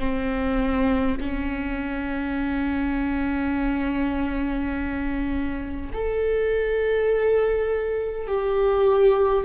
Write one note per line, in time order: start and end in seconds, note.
0.00 1.18 C4
1.21 5.91 C#4
5.94 8.28 A4
8.28 9.45 G4